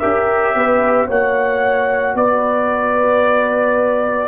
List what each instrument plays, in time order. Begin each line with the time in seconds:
0.00 tuba C#4, trombone G4, horn A#4, trumpet E5
0.55 tuba B3, horn B4
1.07 tuba A#3, trombone F#4, horn C#5, trumpet F#5
2.15 tuba B3, horn B4, trumpet D5